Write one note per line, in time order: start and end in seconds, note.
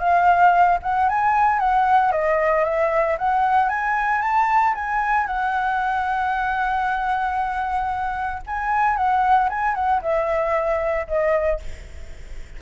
0.00 0.79 F5
0.83 1.09 F#5
1.09 1.60 G#5
1.60 2.12 F#5
2.12 2.65 D#5
2.65 3.17 E5
3.18 3.69 F#5
3.69 4.22 G#5
4.22 4.74 A5
4.75 5.27 G#5
5.27 8.43 F#5
8.47 8.97 G#5
8.97 9.50 F#5
9.50 9.75 G#5
9.75 10.01 F#5
10.02 11.07 E5
11.08 11.60 D#5